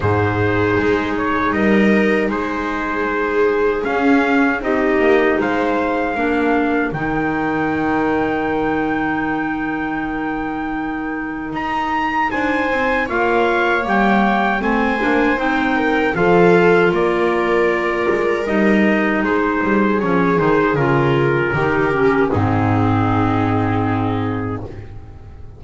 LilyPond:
<<
  \new Staff \with { instrumentName = "trumpet" } { \time 4/4 \tempo 4 = 78 c''4. cis''8 dis''4 c''4~ | c''4 f''4 dis''4 f''4~ | f''4 g''2.~ | g''2. ais''4 |
gis''4 f''4 g''4 gis''4 | g''4 f''4 d''2 | dis''4 c''4 cis''8 c''8 ais'4~ | ais'4 gis'2. | }
  \new Staff \with { instrumentName = "viola" } { \time 4/4 gis'2 ais'4 gis'4~ | gis'2 g'4 c''4 | ais'1~ | ais'1 |
c''4 cis''2 c''4~ | c''8 ais'8 a'4 ais'2~ | ais'4 gis'2. | g'4 dis'2. | }
  \new Staff \with { instrumentName = "clarinet" } { \time 4/4 dis'1~ | dis'4 cis'4 dis'2 | d'4 dis'2.~ | dis'1~ |
dis'4 f'4 ais4 c'8 d'8 | dis'4 f'2. | dis'2 cis'8 dis'8 f'4 | dis'8 cis'8 c'2. | }
  \new Staff \with { instrumentName = "double bass" } { \time 4/4 gis,4 gis4 g4 gis4~ | gis4 cis'4 c'8 ais8 gis4 | ais4 dis2.~ | dis2. dis'4 |
d'8 c'8 ais4 g4 a8 ais8 | c'4 f4 ais4. gis8 | g4 gis8 g8 f8 dis8 cis4 | dis4 gis,2. | }
>>